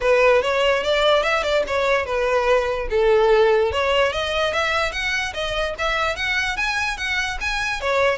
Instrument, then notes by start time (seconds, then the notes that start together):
violin
0.00 B4
0.42 C#5
0.83 D5
1.22 E5
1.43 D5
1.67 C#5
2.05 B4
2.90 A4
3.72 C#5
4.12 D#5
4.53 E5
4.92 F#5
5.33 D#5
5.78 E5
6.16 F#5
6.56 G#5
6.97 F#5
7.40 G#5
7.80 C#5